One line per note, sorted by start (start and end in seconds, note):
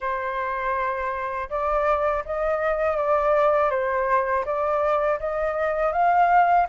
0.00 1.48 C5
1.49 2.24 D5
2.25 2.96 D#5
2.96 3.70 D5
3.70 4.44 C5
4.45 5.19 D5
5.19 5.92 D#5
5.92 6.66 F5